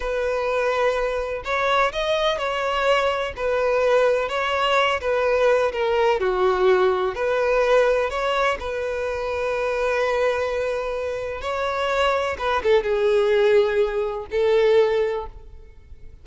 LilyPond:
\new Staff \with { instrumentName = "violin" } { \time 4/4 \tempo 4 = 126 b'2. cis''4 | dis''4 cis''2 b'4~ | b'4 cis''4. b'4. | ais'4 fis'2 b'4~ |
b'4 cis''4 b'2~ | b'1 | cis''2 b'8 a'8 gis'4~ | gis'2 a'2 | }